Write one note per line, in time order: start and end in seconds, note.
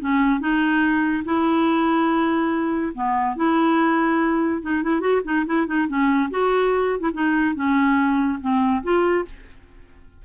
0.00 0.40 C#4
0.40 1.24 D#4
1.25 2.93 E4
2.94 3.36 B3
3.36 4.62 E4
4.62 4.83 D#4
4.83 5.00 E4
5.00 5.21 F#4
5.24 5.45 D#4
5.46 5.67 E4
5.67 5.88 D#4
5.88 6.30 C#4
6.31 7.00 F#4
7.00 7.10 E4
7.13 7.55 D#4
7.55 8.39 C#4
8.41 8.83 C4
8.83 9.25 F4